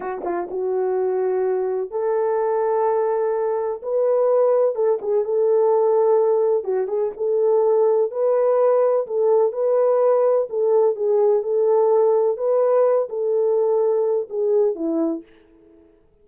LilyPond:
\new Staff \with { instrumentName = "horn" } { \time 4/4 \tempo 4 = 126 fis'8 f'8 fis'2. | a'1 | b'2 a'8 gis'8 a'4~ | a'2 fis'8 gis'8 a'4~ |
a'4 b'2 a'4 | b'2 a'4 gis'4 | a'2 b'4. a'8~ | a'2 gis'4 e'4 | }